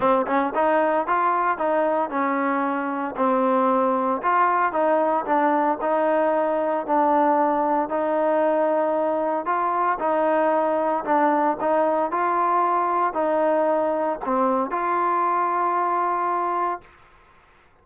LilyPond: \new Staff \with { instrumentName = "trombone" } { \time 4/4 \tempo 4 = 114 c'8 cis'8 dis'4 f'4 dis'4 | cis'2 c'2 | f'4 dis'4 d'4 dis'4~ | dis'4 d'2 dis'4~ |
dis'2 f'4 dis'4~ | dis'4 d'4 dis'4 f'4~ | f'4 dis'2 c'4 | f'1 | }